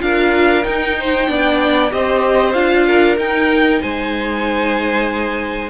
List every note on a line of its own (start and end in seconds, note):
0.00 0.65 D4
0.00 0.63 F4
0.00 0.99 A#4
0.00 0.65 F5
0.65 1.28 D#4
0.65 1.29 D#4
0.65 1.91 G5
0.99 1.30 C5
1.28 1.92 B3
1.28 1.91 D4
1.28 1.93 D5
1.91 2.55 C4
1.91 2.54 G4
1.91 2.87 C5
1.91 2.53 D#5
2.53 3.17 D4
2.53 3.17 F4
2.53 3.16 F5
2.87 3.82 A#4
3.17 5.70 D#4
3.17 3.81 D#4
3.17 3.82 G5
3.82 5.70 G#3
3.82 5.70 C5
3.82 5.70 G#5